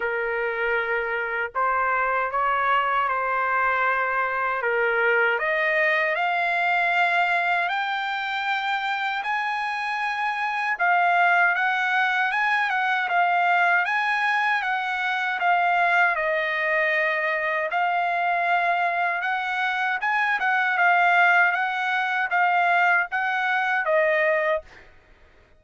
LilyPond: \new Staff \with { instrumentName = "trumpet" } { \time 4/4 \tempo 4 = 78 ais'2 c''4 cis''4 | c''2 ais'4 dis''4 | f''2 g''2 | gis''2 f''4 fis''4 |
gis''8 fis''8 f''4 gis''4 fis''4 | f''4 dis''2 f''4~ | f''4 fis''4 gis''8 fis''8 f''4 | fis''4 f''4 fis''4 dis''4 | }